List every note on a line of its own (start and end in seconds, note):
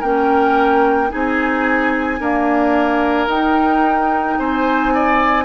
0.00 1.12 A#3
0.00 1.10 C#4
0.00 1.09 A#4
0.00 1.10 G5
1.10 2.20 C4
1.10 2.19 D#4
1.10 2.20 G#4
1.10 3.29 G#5
2.20 3.30 A#3
2.20 3.28 D4
2.20 4.39 A#4
3.28 4.37 D#4
3.28 5.45 D#4
3.28 4.39 G5
4.39 5.45 C4
4.39 4.94 C5
4.39 5.45 G#5
4.95 5.45 D5